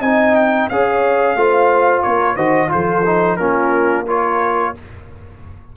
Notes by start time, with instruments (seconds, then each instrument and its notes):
0.00 tuba C4, trombone D#4, horn D#5, trumpet G#5
0.35 trumpet G5
0.70 tuba C#4, trombone G#4, horn C#5, trumpet F5
1.36 tuba A3, trombone F4, horn C5
2.03 tuba A#3, horn A#4, trumpet C#5
2.36 tuba D#3, trombone F#4, horn C5, trumpet D#5
2.69 tuba F3, trombone F4, horn A4, trumpet C5
3.06 trombone D#4
3.37 tuba A#3, trombone C#4, horn F4, trumpet A#4
4.06 trombone F4, horn A#4, trumpet C#5